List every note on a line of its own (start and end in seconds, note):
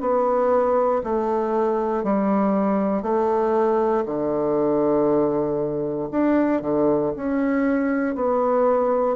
0.00 1.02 B3
1.03 2.03 A3
2.03 3.02 G3
3.02 4.04 A3
4.05 6.08 D3
6.11 6.61 D4
6.61 7.12 D3
7.16 8.14 C#4
8.14 9.16 B3